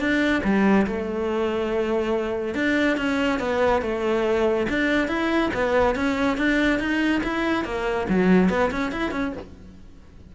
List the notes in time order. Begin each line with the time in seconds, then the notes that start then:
0.00 D4
0.44 G3
0.87 A3
2.55 D4
2.97 C#4
3.40 B3
3.82 A3
4.69 D4
5.08 E4
5.54 B3
5.96 C#4
6.38 D4
6.79 D#4
7.24 E4
7.65 A#3
8.09 F#3
8.50 B3
8.71 C#4
8.92 E4
9.12 C#4